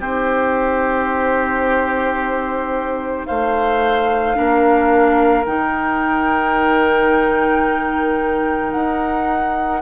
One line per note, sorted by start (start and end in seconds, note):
0.00 3.27 C4
0.00 4.35 D#4
0.00 3.27 G4
0.00 3.27 C5
3.27 4.38 A3
3.27 4.37 C5
3.27 5.45 F5
4.35 5.46 A#3
4.35 5.44 D4
4.35 9.83 A#4
5.46 8.73 D#3
5.46 9.83 D#4
5.46 8.72 G5
8.72 9.83 D#4
8.72 9.81 F#5